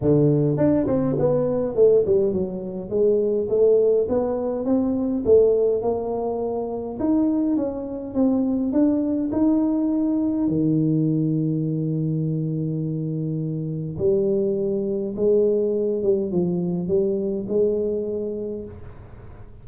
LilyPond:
\new Staff \with { instrumentName = "tuba" } { \time 4/4 \tempo 4 = 103 d4 d'8 c'8 b4 a8 g8 | fis4 gis4 a4 b4 | c'4 a4 ais2 | dis'4 cis'4 c'4 d'4 |
dis'2 dis2~ | dis1 | g2 gis4. g8 | f4 g4 gis2 | }